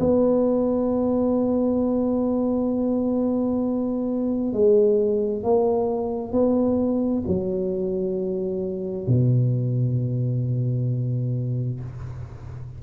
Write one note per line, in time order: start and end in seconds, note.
0.00 4.53 B3
4.53 5.43 G#3
5.43 6.33 A#3
6.33 7.24 B3
7.27 9.08 F#3
9.08 11.81 B2